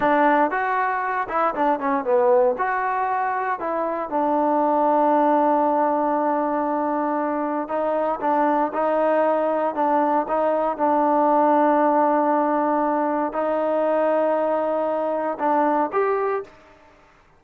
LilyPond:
\new Staff \with { instrumentName = "trombone" } { \time 4/4 \tempo 4 = 117 d'4 fis'4. e'8 d'8 cis'8 | b4 fis'2 e'4 | d'1~ | d'2. dis'4 |
d'4 dis'2 d'4 | dis'4 d'2.~ | d'2 dis'2~ | dis'2 d'4 g'4 | }